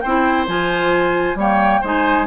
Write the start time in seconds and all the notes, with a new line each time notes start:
0.00 C4 E4 C5 G5
0.47 F3 F4 G#5
1.35 G3 A#3 C#5 G5
1.81 G#3 D#4 C5 G#5